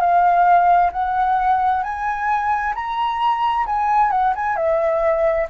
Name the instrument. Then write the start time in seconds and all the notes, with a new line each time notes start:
flute
0.00 F5
0.92 F#5
1.83 G#5
2.75 A#5
3.66 G#5
4.11 F#5
4.35 G#5
4.56 E5